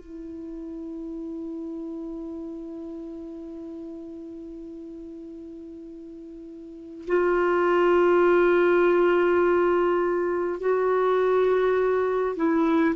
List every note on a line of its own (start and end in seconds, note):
0.00 7.06 E4
7.07 10.60 F4
10.60 12.36 F#4
12.36 12.95 E4